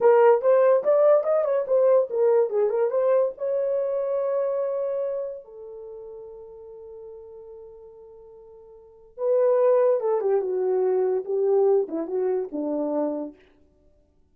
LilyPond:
\new Staff \with { instrumentName = "horn" } { \time 4/4 \tempo 4 = 144 ais'4 c''4 d''4 dis''8 cis''8 | c''4 ais'4 gis'8 ais'8 c''4 | cis''1~ | cis''4 a'2.~ |
a'1~ | a'2 b'2 | a'8 g'8 fis'2 g'4~ | g'8 e'8 fis'4 d'2 | }